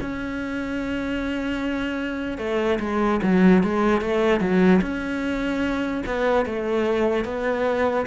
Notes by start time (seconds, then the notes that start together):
0.00 C#4
2.38 A3
2.79 G#3
3.22 F#3
3.63 G#3
4.01 A3
4.40 F#3
4.81 C#4
6.06 B3
6.45 A3
7.25 B3